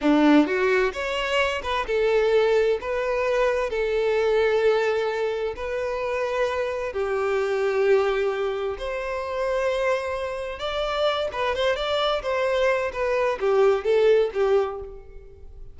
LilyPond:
\new Staff \with { instrumentName = "violin" } { \time 4/4 \tempo 4 = 130 d'4 fis'4 cis''4. b'8 | a'2 b'2 | a'1 | b'2. g'4~ |
g'2. c''4~ | c''2. d''4~ | d''8 b'8 c''8 d''4 c''4. | b'4 g'4 a'4 g'4 | }